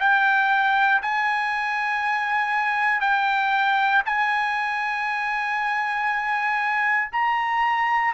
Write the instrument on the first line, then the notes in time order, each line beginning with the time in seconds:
trumpet
0.00 G5
1.02 G#5
3.01 G5
4.06 G#5
7.12 A#5